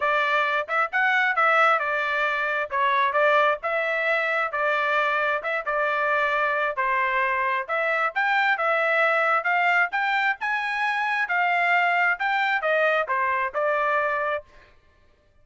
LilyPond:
\new Staff \with { instrumentName = "trumpet" } { \time 4/4 \tempo 4 = 133 d''4. e''8 fis''4 e''4 | d''2 cis''4 d''4 | e''2 d''2 | e''8 d''2~ d''8 c''4~ |
c''4 e''4 g''4 e''4~ | e''4 f''4 g''4 gis''4~ | gis''4 f''2 g''4 | dis''4 c''4 d''2 | }